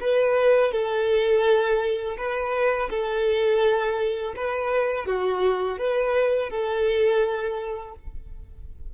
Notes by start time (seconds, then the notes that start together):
0.00 B4
0.72 A4
2.17 B4
2.89 A4
4.36 B4
5.06 F#4
5.78 B4
6.50 A4